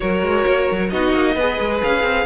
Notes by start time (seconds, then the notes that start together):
0.00 F#3 F#4 A#4 C#5
0.22 G#3
0.46 A#3
0.71 F#3
0.89 B3 D#4 F#4 D#5
1.13 A#3
1.35 B3 G#4 B4
1.59 G#3
1.83 C#4 F5
2.03 C4